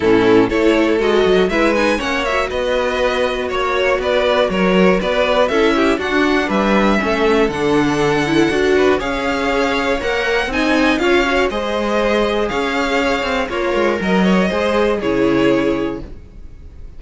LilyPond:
<<
  \new Staff \with { instrumentName = "violin" } { \time 4/4 \tempo 4 = 120 a'4 cis''4 dis''4 e''8 gis''8 | fis''8 e''8 dis''2 cis''4 | d''4 cis''4 d''4 e''4 | fis''4 e''2 fis''4~ |
fis''2 f''2 | fis''4 gis''4 f''4 dis''4~ | dis''4 f''2 cis''4 | dis''2 cis''2 | }
  \new Staff \with { instrumentName = "violin" } { \time 4/4 e'4 a'2 b'4 | cis''4 b'2 cis''4 | b'4 ais'4 b'4 a'8 g'8 | fis'4 b'4 a'2~ |
a'4. b'8 cis''2~ | cis''4 dis''4 cis''4 c''4~ | c''4 cis''2 f'4 | ais'8 cis''8 c''4 gis'2 | }
  \new Staff \with { instrumentName = "viola" } { \time 4/4 cis'4 e'4 fis'4 e'8 dis'8 | cis'8 fis'2.~ fis'8~ | fis'2. e'4 | d'2 cis'4 d'4~ |
d'8 e'8 fis'4 gis'2 | ais'4 dis'4 f'8 fis'8 gis'4~ | gis'2. ais'4~ | ais'4 gis'4 e'2 | }
  \new Staff \with { instrumentName = "cello" } { \time 4/4 a,4 a4 gis8 fis8 gis4 | ais4 b2 ais4 | b4 fis4 b4 cis'4 | d'4 g4 a4 d4~ |
d4 d'4 cis'2 | ais4 c'4 cis'4 gis4~ | gis4 cis'4. c'8 ais8 gis8 | fis4 gis4 cis2 | }
>>